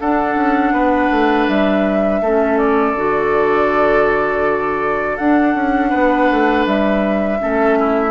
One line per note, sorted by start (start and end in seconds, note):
0.00 0.35 D4
0.00 2.23 D4
0.00 0.73 A4
0.00 1.48 F#5
0.35 0.71 C#4
0.71 1.08 B3
0.71 2.21 B4
1.11 1.48 A3
1.48 2.21 G3
1.48 2.58 E5
2.21 2.94 A3
2.21 2.96 C#4
2.21 5.90 A4
2.58 5.17 D5
2.94 5.17 D3
2.94 5.19 F#4
5.17 5.54 D4
5.17 7.39 D4
5.17 6.65 F#5
5.54 5.91 C#4
5.90 6.30 B3
5.90 7.38 B4
6.30 6.66 A3
6.66 7.40 G3
6.66 8.11 E5
7.39 8.11 A3
7.39 8.11 C#4
7.39 7.78 A4
7.79 8.11 E4